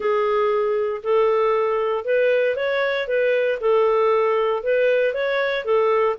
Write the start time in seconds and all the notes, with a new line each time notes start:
0.00 G#4
1.03 A4
2.04 B4
2.56 C#5
3.07 B4
3.60 A4
4.63 B4
5.14 C#5
5.64 A4